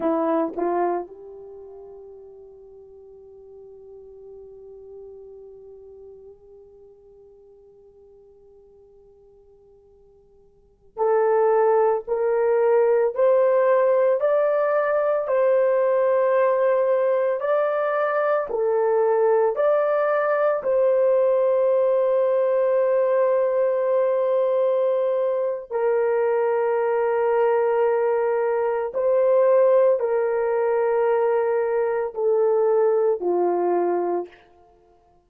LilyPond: \new Staff \with { instrumentName = "horn" } { \time 4/4 \tempo 4 = 56 e'8 f'8 g'2.~ | g'1~ | g'2~ g'16 a'4 ais'8.~ | ais'16 c''4 d''4 c''4.~ c''16~ |
c''16 d''4 a'4 d''4 c''8.~ | c''1 | ais'2. c''4 | ais'2 a'4 f'4 | }